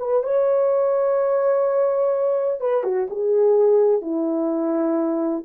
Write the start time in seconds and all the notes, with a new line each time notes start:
0.00 B4
0.24 C#5
2.61 B4
2.84 F#4
3.10 G#4
4.02 E4